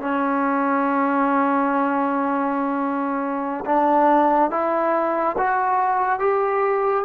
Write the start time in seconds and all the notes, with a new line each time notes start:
0.00 C#4
3.65 D4
4.51 E4
5.38 F#4
6.19 G4